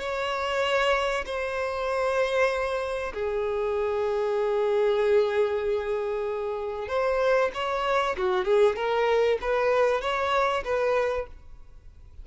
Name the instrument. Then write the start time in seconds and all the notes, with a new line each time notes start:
violin
0.00 C#5
1.26 C5
3.14 G#4
6.88 C5
7.54 C#5
8.17 F#4
8.45 G#4
8.76 A#4
9.41 B4
10.02 C#5
10.64 B4